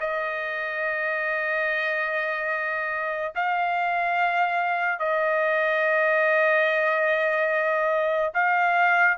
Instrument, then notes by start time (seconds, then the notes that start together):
trumpet
0.00 D#5
3.35 F5
4.99 D#5
8.34 F5